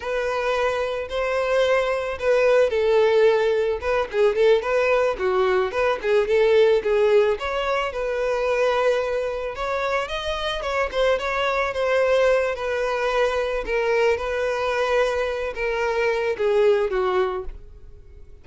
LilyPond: \new Staff \with { instrumentName = "violin" } { \time 4/4 \tempo 4 = 110 b'2 c''2 | b'4 a'2 b'8 gis'8 | a'8 b'4 fis'4 b'8 gis'8 a'8~ | a'8 gis'4 cis''4 b'4.~ |
b'4. cis''4 dis''4 cis''8 | c''8 cis''4 c''4. b'4~ | b'4 ais'4 b'2~ | b'8 ais'4. gis'4 fis'4 | }